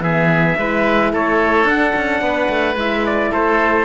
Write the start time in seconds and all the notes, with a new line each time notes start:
0.00 E3 B3 G#4 E5
0.58 G#3 E4 B4
1.13 A3 A4 C#5
1.65 D4 F#5
1.96 C#4
2.22 B3 B4
2.49 A3
2.76 G#3 E4 E5
3.06 D5
3.31 A3 A4 C5